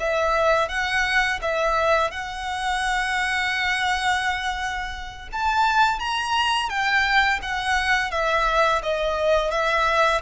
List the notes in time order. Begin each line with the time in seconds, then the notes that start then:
0.00 E5
0.69 F#5
1.42 E5
2.11 F#5
5.33 A5
6.00 A#5
6.70 G5
7.42 F#5
8.11 E5
8.83 D#5
9.51 E5